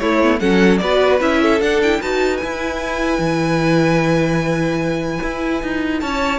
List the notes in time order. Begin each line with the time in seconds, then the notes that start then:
0.00 A3 E4 C#5
0.23 B3
0.40 F#3 C#4 A4 F#5
0.78 B3 F#4 B4 D5
1.21 C#4 E4 E5
1.43 A4
1.61 D4 F#5
1.83 E4 G5
2.01 D#4 F#4 B4 A5
2.37 E4 G#5
2.44 E4
3.19 E3
5.23 E4
5.63 D#4
6.01 C#4 C#5 A5